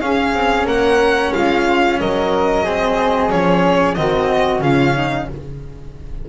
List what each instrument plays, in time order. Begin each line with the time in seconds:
0.00 double bass C#4, cello C#4, flute G#4, violin F5
0.33 double bass C4
0.65 double bass A#3, flute A#4, violin F#5
1.33 double bass G#3, flute F4, violin F5
2.00 double bass F#3, flute A#4, violin D#5
2.64 cello C4, flute G#4
3.30 double bass F3, cello C#4, violin C#5
3.95 double bass D#3, cello C4, flute F#4, violin D#5
4.61 double bass C#3, cello C#4, flute F4, violin F5
4.96 flute D#4